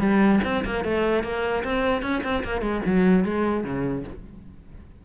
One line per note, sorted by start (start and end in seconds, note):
0.00 0.40 G3
0.45 0.65 C4
0.65 0.84 A#3
0.84 1.24 A3
1.24 1.64 A#3
1.64 2.03 C4
2.03 2.23 C#4
2.23 2.43 C4
2.44 2.61 A#3
2.61 2.81 G#3
2.86 3.25 F#3
3.25 3.64 G#3
3.64 4.04 C#3